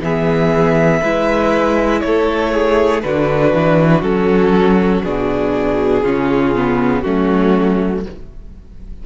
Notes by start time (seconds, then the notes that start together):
0.00 E3 B3 G#4 E5
1.01 G#3 E4 B4
2.01 A3 A4 C#5
2.53 G#4
3.02 D3 D4 F#4 B4
3.54 E3
4.02 F#3 C#4 A4
5.03 B2 D4 G#4
6.02 C#3 C#4 F4
6.55 B3
7.01 F#3 A3 C#4 F#4